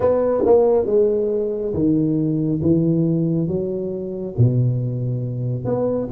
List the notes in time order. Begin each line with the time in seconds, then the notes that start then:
0.00 B3
0.45 A#3
0.86 G#3
1.73 D#3
2.61 E3
3.47 F#3
4.37 B2
5.64 B3